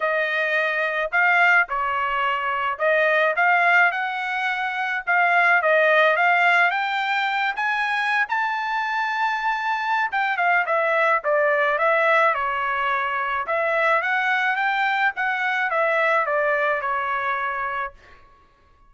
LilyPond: \new Staff \with { instrumentName = "trumpet" } { \time 4/4 \tempo 4 = 107 dis''2 f''4 cis''4~ | cis''4 dis''4 f''4 fis''4~ | fis''4 f''4 dis''4 f''4 | g''4. gis''4~ gis''16 a''4~ a''16~ |
a''2 g''8 f''8 e''4 | d''4 e''4 cis''2 | e''4 fis''4 g''4 fis''4 | e''4 d''4 cis''2 | }